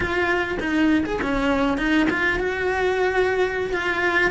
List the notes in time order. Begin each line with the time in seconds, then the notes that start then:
0.00 F4
0.59 D#4
1.05 G#4
1.21 C#4
1.77 D#4
2.10 F4
2.39 F#4
3.73 F4